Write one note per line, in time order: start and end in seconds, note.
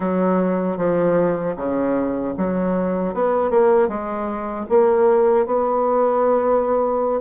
0.00 0.77 F#3
0.77 1.55 F3
1.56 2.34 C#3
2.37 3.14 F#3
3.14 3.50 B3
3.50 3.88 A#3
3.88 4.66 G#3
4.69 5.45 A#3
5.45 7.20 B3